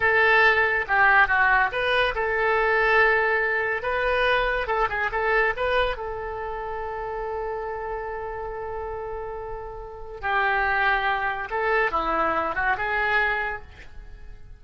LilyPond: \new Staff \with { instrumentName = "oboe" } { \time 4/4 \tempo 4 = 141 a'2 g'4 fis'4 | b'4 a'2.~ | a'4 b'2 a'8 gis'8 | a'4 b'4 a'2~ |
a'1~ | a'1 | g'2. a'4 | e'4. fis'8 gis'2 | }